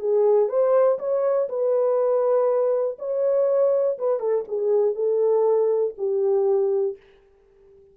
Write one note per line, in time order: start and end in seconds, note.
0.00 0.49 G#4
0.49 0.99 C5
0.99 1.49 C#5
1.49 2.98 B4
2.99 3.98 C#5
3.98 4.20 B4
4.20 4.45 A4
4.48 4.95 G#4
4.95 5.94 A4
5.98 6.97 G4